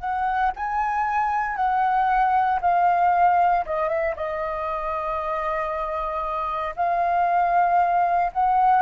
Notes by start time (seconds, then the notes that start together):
0.00 F#5
0.56 G#5
1.56 F#5
2.61 F5
3.66 D#5
3.89 E5
4.17 D#5
6.76 F5
8.33 F#5